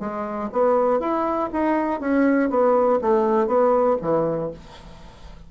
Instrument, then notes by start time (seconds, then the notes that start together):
bassoon
0.00 G#3
0.52 B3
1.00 E4
1.53 D#4
2.00 C#4
2.50 B3
3.02 A3
3.47 B3
4.01 E3